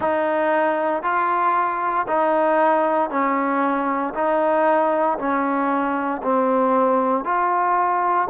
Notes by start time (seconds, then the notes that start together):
0.00 D#4
1.03 F4
2.07 D#4
3.10 C#4
4.14 D#4
5.18 C#4
6.23 C4
7.24 F4